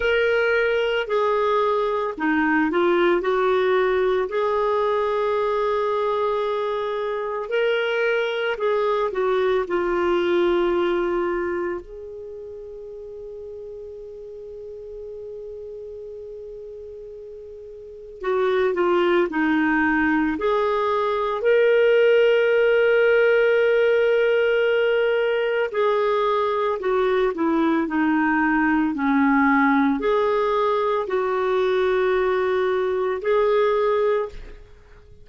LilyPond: \new Staff \with { instrumentName = "clarinet" } { \time 4/4 \tempo 4 = 56 ais'4 gis'4 dis'8 f'8 fis'4 | gis'2. ais'4 | gis'8 fis'8 f'2 gis'4~ | gis'1~ |
gis'4 fis'8 f'8 dis'4 gis'4 | ais'1 | gis'4 fis'8 e'8 dis'4 cis'4 | gis'4 fis'2 gis'4 | }